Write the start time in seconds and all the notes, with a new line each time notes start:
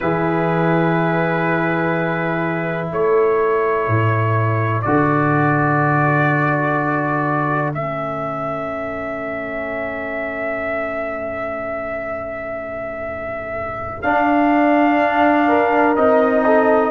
0.00 E3 E4 G#4 B4
2.90 A3 A4 C#5
3.87 A2
4.81 D3 F#4 D5
7.74 A3 C#4 E5
14.02 D4 F5
15.47 A#4
15.96 C4 D#4 D#5
16.45 A4